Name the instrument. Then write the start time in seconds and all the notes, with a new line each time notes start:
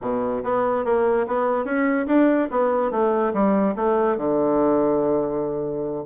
bassoon
0.01 B2
0.43 B3
0.84 A#3
1.27 B3
1.64 C#4
2.06 D4
2.50 B3
2.91 A3
3.33 G3
3.75 A3
4.17 D3